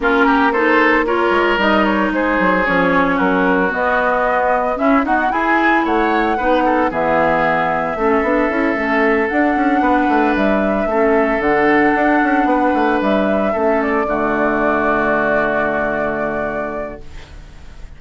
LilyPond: <<
  \new Staff \with { instrumentName = "flute" } { \time 4/4 \tempo 4 = 113 ais'4 c''4 cis''4 dis''8 cis''8 | c''4 cis''4 ais'4 dis''4~ | dis''4 e''8 fis''8 gis''4 fis''4~ | fis''4 e''2.~ |
e''4. fis''2 e''8~ | e''4. fis''2~ fis''8~ | fis''8 e''4. d''2~ | d''1 | }
  \new Staff \with { instrumentName = "oboe" } { \time 4/4 f'8 g'8 a'4 ais'2 | gis'2 fis'2~ | fis'4 e'8 fis'8 gis'4 cis''4 | b'8 a'8 gis'2 a'4~ |
a'2~ a'8 b'4.~ | b'8 a'2. b'8~ | b'4. a'4 fis'4.~ | fis'1 | }
  \new Staff \with { instrumentName = "clarinet" } { \time 4/4 cis'4 dis'4 f'4 dis'4~ | dis'4 cis'2 b4~ | b4 cis'8 b8 e'2 | dis'4 b2 cis'8 d'8 |
e'8 cis'4 d'2~ d'8~ | d'8 cis'4 d'2~ d'8~ | d'4. cis'4 a4.~ | a1 | }
  \new Staff \with { instrumentName = "bassoon" } { \time 4/4 ais2~ ais8 gis8 g4 | gis8 fis8 f4 fis4 b4~ | b4 cis'8 dis'8 e'4 a4 | b4 e2 a8 b8 |
cis'8 a4 d'8 cis'8 b8 a8 g8~ | g8 a4 d4 d'8 cis'8 b8 | a8 g4 a4 d4.~ | d1 | }
>>